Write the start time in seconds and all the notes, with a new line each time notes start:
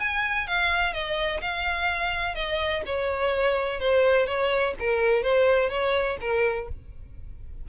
0.00 G#5
0.48 F5
0.94 D#5
1.42 F5
2.35 D#5
2.87 C#5
3.80 C5
4.27 C#5
4.80 A#4
5.23 C5
5.70 C#5
6.21 A#4